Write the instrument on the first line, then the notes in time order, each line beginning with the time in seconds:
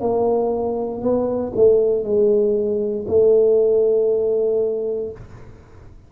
tuba
0.00 A#3
1.01 B3
1.55 A3
2.03 G#3
3.07 A3